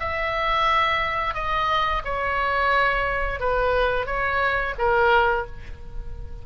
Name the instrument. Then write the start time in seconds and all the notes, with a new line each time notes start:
oboe
0.00 E5
1.35 D#5
2.05 C#5
3.40 B4
4.06 C#5
4.79 A#4